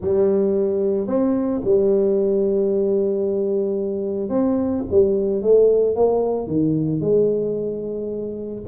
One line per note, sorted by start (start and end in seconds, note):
0.01 1.07 G3
1.07 1.61 C4
1.64 4.29 G3
4.29 4.83 C4
4.90 5.42 G3
5.42 5.95 A3
5.95 6.47 A#3
6.47 7.00 D#3
7.00 8.62 G#3